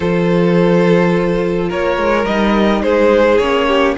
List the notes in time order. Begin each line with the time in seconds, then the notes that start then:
0.00 F3 F4 A4 C5
1.69 A#3 A#4 C#5
1.97 G#3
2.25 G3 D#4 D#5
2.82 G#3 G#4 C5
3.38 A#3 C#4 C#5
3.67 G4